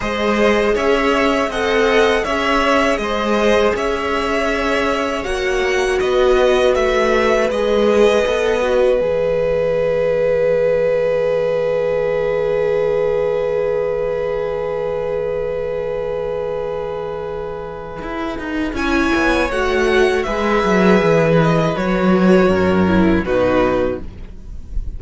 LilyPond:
<<
  \new Staff \with { instrumentName = "violin" } { \time 4/4 \tempo 4 = 80 dis''4 e''4 fis''4 e''4 | dis''4 e''2 fis''4 | dis''4 e''4 dis''2 | e''1~ |
e''1~ | e''1~ | e''4 gis''4 fis''4 e''4~ | e''8 dis''8 cis''2 b'4 | }
  \new Staff \with { instrumentName = "violin" } { \time 4/4 c''4 cis''4 dis''4 cis''4 | c''4 cis''2. | b'1~ | b'1~ |
b'1~ | b'1~ | b'4 cis''2 b'4~ | b'2 ais'4 fis'4 | }
  \new Staff \with { instrumentName = "viola" } { \time 4/4 gis'2 a'4 gis'4~ | gis'2. fis'4~ | fis'2 gis'4 a'8 fis'8 | gis'1~ |
gis'1~ | gis'1~ | gis'4 e'4 fis'4 gis'4~ | gis'4 fis'4. e'8 dis'4 | }
  \new Staff \with { instrumentName = "cello" } { \time 4/4 gis4 cis'4 c'4 cis'4 | gis4 cis'2 ais4 | b4 a4 gis4 b4 | e1~ |
e1~ | e1 | e'8 dis'8 cis'8 b8 a4 gis8 fis8 | e4 fis4 fis,4 b,4 | }
>>